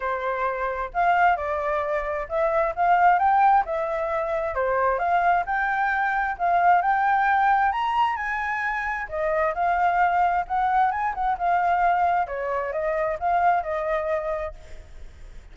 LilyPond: \new Staff \with { instrumentName = "flute" } { \time 4/4 \tempo 4 = 132 c''2 f''4 d''4~ | d''4 e''4 f''4 g''4 | e''2 c''4 f''4 | g''2 f''4 g''4~ |
g''4 ais''4 gis''2 | dis''4 f''2 fis''4 | gis''8 fis''8 f''2 cis''4 | dis''4 f''4 dis''2 | }